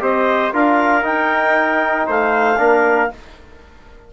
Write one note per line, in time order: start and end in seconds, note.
0.00 0.52 C4
0.00 0.51 G4
0.00 0.53 C5
0.00 0.53 D#5
0.53 1.04 D4
0.53 1.02 F4
0.53 2.07 A#4
0.53 1.04 F5
1.02 2.56 D#4
1.02 2.07 D#4
1.02 2.07 G5
2.07 2.59 A3
2.07 2.58 C5
2.07 3.13 F5
2.58 3.10 A#3
2.58 3.09 D4
2.58 3.10 A#4